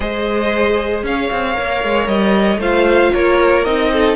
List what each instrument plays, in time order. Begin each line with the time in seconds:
0.00 cello G#3, viola G#4, violin C5 D#5
1.03 cello C#4, violin C#5 F5
1.31 cello C4
1.53 cello A#3, viola A#4
1.84 cello G#3
2.07 cello G3, violin D#5
2.57 cello A3, viola F4, violin C5 F5
3.13 cello A#3, violin A#4 C#5
3.65 cello C4, viola D#4, violin D#5
3.92 violin A4